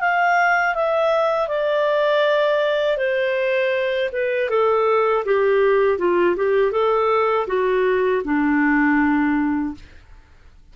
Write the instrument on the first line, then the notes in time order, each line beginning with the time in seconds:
clarinet
0.00 F5
0.75 E5
1.48 D5
2.97 C5
4.12 B4
4.49 A4
5.25 G4
5.98 F4
6.36 G4
6.72 A4
7.47 F#4
8.24 D4